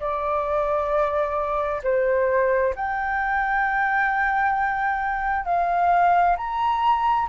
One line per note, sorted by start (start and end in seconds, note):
0.00 1.82 D5
1.83 2.74 C5
2.76 5.45 G5
5.45 6.36 F5
6.37 7.28 A#5